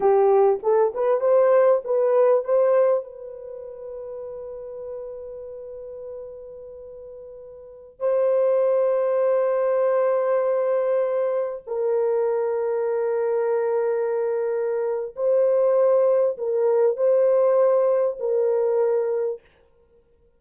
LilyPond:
\new Staff \with { instrumentName = "horn" } { \time 4/4 \tempo 4 = 99 g'4 a'8 b'8 c''4 b'4 | c''4 b'2.~ | b'1~ | b'4~ b'16 c''2~ c''8.~ |
c''2.~ c''16 ais'8.~ | ais'1~ | ais'4 c''2 ais'4 | c''2 ais'2 | }